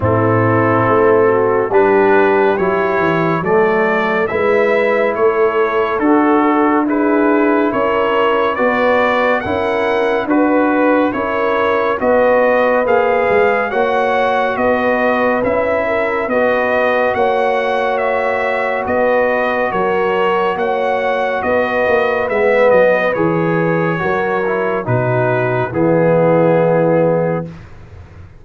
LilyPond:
<<
  \new Staff \with { instrumentName = "trumpet" } { \time 4/4 \tempo 4 = 70 a'2 b'4 cis''4 | d''4 e''4 cis''4 a'4 | b'4 cis''4 d''4 fis''4 | b'4 cis''4 dis''4 f''4 |
fis''4 dis''4 e''4 dis''4 | fis''4 e''4 dis''4 cis''4 | fis''4 dis''4 e''8 dis''8 cis''4~ | cis''4 b'4 gis'2 | }
  \new Staff \with { instrumentName = "horn" } { \time 4/4 e'4. fis'8 g'2 | a'4 b'4 a'2 | gis'4 ais'4 b'4 ais'4 | b'4 ais'4 b'2 |
cis''4 b'4. ais'8 b'4 | cis''2 b'4 ais'4 | cis''4 b'2. | ais'4 fis'4 e'2 | }
  \new Staff \with { instrumentName = "trombone" } { \time 4/4 c'2 d'4 e'4 | a4 e'2 fis'4 | e'2 fis'4 e'4 | fis'4 e'4 fis'4 gis'4 |
fis'2 e'4 fis'4~ | fis'1~ | fis'2 b4 gis'4 | fis'8 e'8 dis'4 b2 | }
  \new Staff \with { instrumentName = "tuba" } { \time 4/4 a,4 a4 g4 fis8 e8 | fis4 gis4 a4 d'4~ | d'4 cis'4 b4 cis'4 | d'4 cis'4 b4 ais8 gis8 |
ais4 b4 cis'4 b4 | ais2 b4 fis4 | ais4 b8 ais8 gis8 fis8 e4 | fis4 b,4 e2 | }
>>